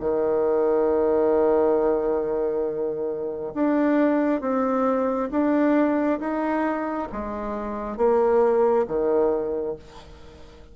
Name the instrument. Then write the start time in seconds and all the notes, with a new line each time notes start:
bassoon
0.00 D#3
3.55 D4
4.41 C4
5.31 D4
6.20 D#4
7.12 G#3
7.97 A#3
8.88 D#3